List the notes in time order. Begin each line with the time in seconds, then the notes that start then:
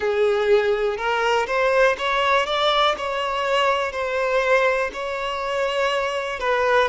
0.00 G#4
0.97 A#4
1.46 C5
1.98 C#5
2.45 D5
2.97 C#5
3.92 C5
4.93 C#5
6.39 B4